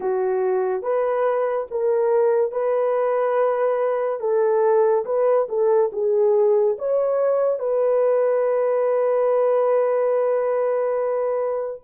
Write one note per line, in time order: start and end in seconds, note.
0.00 0.82 F#4
0.82 1.67 B4
1.71 2.51 A#4
2.51 4.20 B4
4.20 5.04 A4
5.05 5.47 B4
5.48 5.90 A4
5.92 6.76 G#4
6.78 7.59 C#5
7.59 11.81 B4